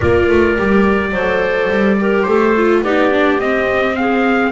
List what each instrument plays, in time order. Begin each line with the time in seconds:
0.00 double bass A#3, viola F4, clarinet A#4, trumpet D5
0.29 double bass A3
0.57 double bass G3, viola G4
1.12 double bass F#3, viola A4, clarinet C5
1.69 double bass G3
1.99 viola G4, clarinet A#4
2.22 double bass A3, clarinet A4, trumpet C5
2.56 viola F4
2.82 double bass B3, viola D#4, clarinet G4, trumpet D5
3.11 viola D4
3.39 double bass C4, viola C4, trumpet D#5
3.95 clarinet G#4, trumpet F5